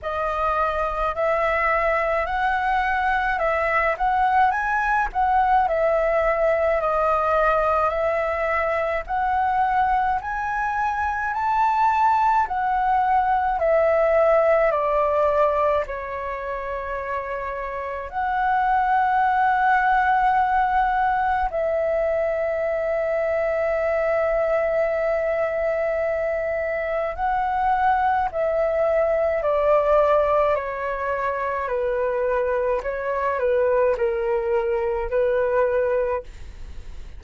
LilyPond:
\new Staff \with { instrumentName = "flute" } { \time 4/4 \tempo 4 = 53 dis''4 e''4 fis''4 e''8 fis''8 | gis''8 fis''8 e''4 dis''4 e''4 | fis''4 gis''4 a''4 fis''4 | e''4 d''4 cis''2 |
fis''2. e''4~ | e''1 | fis''4 e''4 d''4 cis''4 | b'4 cis''8 b'8 ais'4 b'4 | }